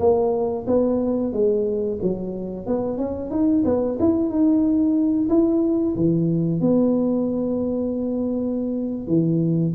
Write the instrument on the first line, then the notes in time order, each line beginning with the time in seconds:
tuba
0.00 A#3
0.67 B3
1.33 G#3
2.02 F#3
2.67 B3
2.98 C#4
3.31 D#4
3.65 B3
4.00 E4
4.30 D#4
5.29 E4
5.96 E3
6.61 B3
9.07 E3